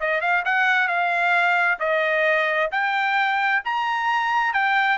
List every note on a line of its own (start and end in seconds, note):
0.00 0.21 D#5
0.21 0.44 F5
0.45 0.88 F#5
0.88 1.79 F5
1.79 2.70 D#5
2.71 3.62 G5
3.65 4.54 A#5
4.54 4.98 G5